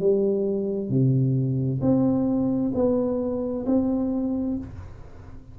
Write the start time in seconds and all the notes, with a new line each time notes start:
0.00 G3
0.90 C3
1.81 C4
2.74 B3
3.67 C4